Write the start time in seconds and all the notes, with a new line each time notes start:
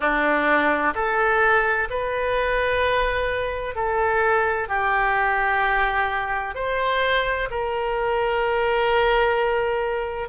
0.00 D4
0.94 A4
1.90 B4
3.75 A4
4.68 G4
6.55 C5
7.50 A#4